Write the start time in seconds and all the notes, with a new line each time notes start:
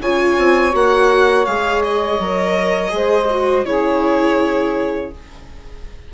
0.00 C#3 F4 C#5 G#5
0.38 C4
0.72 A#3 F#4 F#5
1.45 G#3 G#4 F5
1.84 D#5
2.19 F#3 A#4
2.89 G#3 G#4
2.95 C5
3.30 F#4
3.65 C#3 E4 G#4 C#5